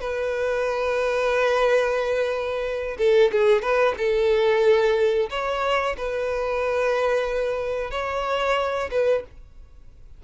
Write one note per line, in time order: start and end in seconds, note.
0.00 2.97 B4
2.98 3.31 A4
3.31 3.62 G#4
3.62 3.95 B4
3.97 5.29 A4
5.30 5.96 C#5
5.97 7.91 B4
7.91 8.90 C#5
8.91 9.24 B4